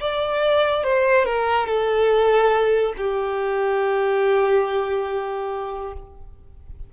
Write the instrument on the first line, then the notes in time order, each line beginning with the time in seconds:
violin
0.00 D5
0.83 C5
1.25 A#4
1.66 A4
2.97 G4